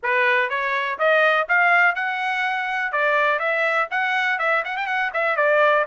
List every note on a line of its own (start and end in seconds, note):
0.02 0.49 B4
0.49 0.98 C#5
0.98 1.47 D#5
1.48 1.95 F5
1.95 2.92 F#5
2.92 3.39 D5
3.39 3.88 E5
3.90 4.38 F#5
4.38 4.63 E5
4.65 4.76 F#5
4.76 4.86 G5
4.86 5.10 F#5
5.13 5.36 E5
5.36 5.85 D5